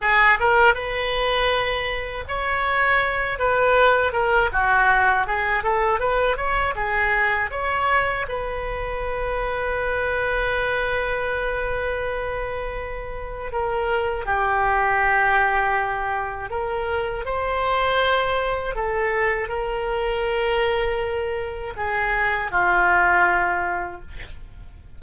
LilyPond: \new Staff \with { instrumentName = "oboe" } { \time 4/4 \tempo 4 = 80 gis'8 ais'8 b'2 cis''4~ | cis''8 b'4 ais'8 fis'4 gis'8 a'8 | b'8 cis''8 gis'4 cis''4 b'4~ | b'1~ |
b'2 ais'4 g'4~ | g'2 ais'4 c''4~ | c''4 a'4 ais'2~ | ais'4 gis'4 f'2 | }